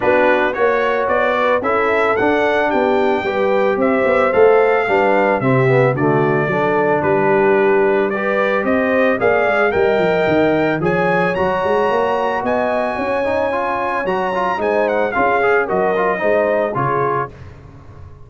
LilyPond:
<<
  \new Staff \with { instrumentName = "trumpet" } { \time 4/4 \tempo 4 = 111 b'4 cis''4 d''4 e''4 | fis''4 g''2 e''4 | f''2 e''4 d''4~ | d''4 b'2 d''4 |
dis''4 f''4 g''2 | gis''4 ais''2 gis''4~ | gis''2 ais''4 gis''8 fis''8 | f''4 dis''2 cis''4 | }
  \new Staff \with { instrumentName = "horn" } { \time 4/4 fis'4 cis''4. b'8 a'4~ | a'4 g'4 b'4 c''4~ | c''4 b'4 g'4 fis'4 | a'4 g'2 b'4 |
c''4 d''4 dis''2 | cis''2. dis''4 | cis''2. c''4 | gis'4 ais'4 c''4 gis'4 | }
  \new Staff \with { instrumentName = "trombone" } { \time 4/4 d'4 fis'2 e'4 | d'2 g'2 | a'4 d'4 c'8 b8 a4 | d'2. g'4~ |
g'4 gis'4 ais'2 | gis'4 fis'2.~ | fis'8 dis'8 f'4 fis'8 f'8 dis'4 | f'8 gis'8 fis'8 f'8 dis'4 f'4 | }
  \new Staff \with { instrumentName = "tuba" } { \time 4/4 b4 ais4 b4 cis'4 | d'4 b4 g4 c'8 b8 | a4 g4 c4 d4 | fis4 g2. |
c'4 ais8 gis8 g8 f8 dis4 | f4 fis8 gis8 ais4 b4 | cis'2 fis4 gis4 | cis'4 fis4 gis4 cis4 | }
>>